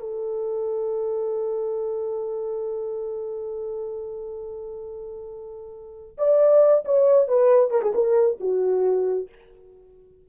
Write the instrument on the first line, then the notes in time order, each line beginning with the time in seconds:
horn
0.00 A4
6.18 D5
6.85 C#5
7.28 B4
7.71 A#4
7.82 G#4
7.95 A#4
8.40 F#4